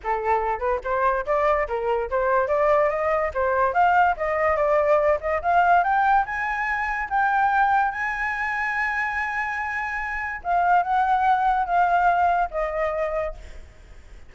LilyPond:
\new Staff \with { instrumentName = "flute" } { \time 4/4 \tempo 4 = 144 a'4. b'8 c''4 d''4 | ais'4 c''4 d''4 dis''4 | c''4 f''4 dis''4 d''4~ | d''8 dis''8 f''4 g''4 gis''4~ |
gis''4 g''2 gis''4~ | gis''1~ | gis''4 f''4 fis''2 | f''2 dis''2 | }